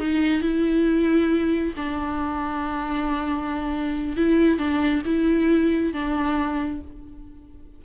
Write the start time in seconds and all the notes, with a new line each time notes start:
0.00 D#4
0.42 E4
1.77 D4
4.17 E4
4.59 D4
5.06 E4
5.94 D4